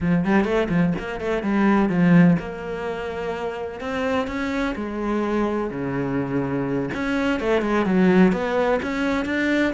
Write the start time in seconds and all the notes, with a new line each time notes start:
0.00 F3
0.24 G3
0.44 A3
0.69 F3
0.98 A#3
1.20 A3
1.42 G3
1.89 F3
2.39 A#3
3.80 C4
4.27 C#4
4.75 G#3
5.70 C#3
6.94 C#4
7.40 A3
7.61 G#3
7.85 F#3
8.32 B3
8.82 C#4
9.25 D4